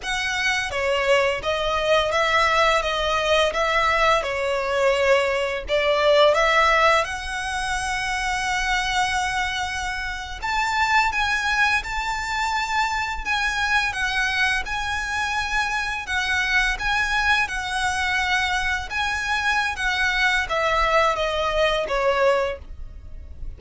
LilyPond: \new Staff \with { instrumentName = "violin" } { \time 4/4 \tempo 4 = 85 fis''4 cis''4 dis''4 e''4 | dis''4 e''4 cis''2 | d''4 e''4 fis''2~ | fis''2~ fis''8. a''4 gis''16~ |
gis''8. a''2 gis''4 fis''16~ | fis''8. gis''2 fis''4 gis''16~ | gis''8. fis''2 gis''4~ gis''16 | fis''4 e''4 dis''4 cis''4 | }